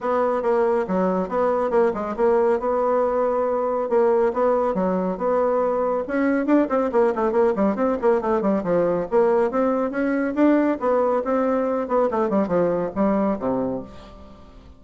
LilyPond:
\new Staff \with { instrumentName = "bassoon" } { \time 4/4 \tempo 4 = 139 b4 ais4 fis4 b4 | ais8 gis8 ais4 b2~ | b4 ais4 b4 fis4 | b2 cis'4 d'8 c'8 |
ais8 a8 ais8 g8 c'8 ais8 a8 g8 | f4 ais4 c'4 cis'4 | d'4 b4 c'4. b8 | a8 g8 f4 g4 c4 | }